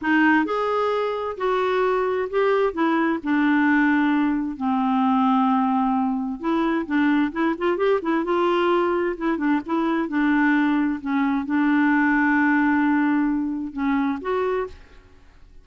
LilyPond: \new Staff \with { instrumentName = "clarinet" } { \time 4/4 \tempo 4 = 131 dis'4 gis'2 fis'4~ | fis'4 g'4 e'4 d'4~ | d'2 c'2~ | c'2 e'4 d'4 |
e'8 f'8 g'8 e'8 f'2 | e'8 d'8 e'4 d'2 | cis'4 d'2.~ | d'2 cis'4 fis'4 | }